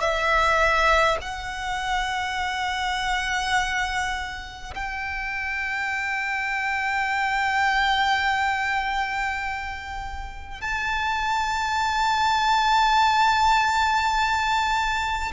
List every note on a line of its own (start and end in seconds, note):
0.00 1.18 E5
1.21 4.74 F#5
4.74 10.61 G5
10.61 15.32 A5